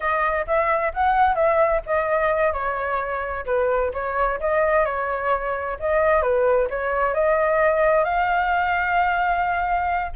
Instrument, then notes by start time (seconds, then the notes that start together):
flute
0.00 D#5
0.46 E5
0.93 F#5
1.35 E5
1.85 D#5
2.53 C#5
3.45 B4
3.93 C#5
4.40 D#5
4.85 C#5
5.79 D#5
6.22 B4
6.69 C#5
7.13 D#5
8.04 F5